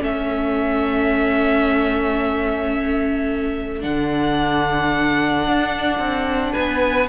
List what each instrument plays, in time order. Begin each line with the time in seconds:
0.00 cello A3, viola C#4, violin A4 E5
3.81 cello D3, viola D4, violin F#5
5.48 cello D4
5.99 cello C4
6.53 cello B3, violin B4 G#5